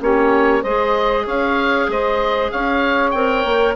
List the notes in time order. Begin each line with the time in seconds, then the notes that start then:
0.00 A#3 C#4 G4 C#5
0.61 G#3 G#4 C5 D#5
1.24 C#4 C#5 F5
1.88 G#3 C5 D#5
2.51 C#4 C#5 F5
3.11 C4 A#4 G5
3.45 A#3